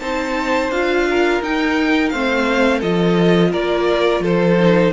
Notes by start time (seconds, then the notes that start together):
0.00 C4 D#4 C5 A5
0.69 D4 F4 F5
1.10 A#4
1.41 D#4 G5
2.09 A3 C4 C5 F5
2.79 F3 F4 A4 D#5
3.52 A#3 A#4 D5
4.20 F3 A4 C5
4.59 D#4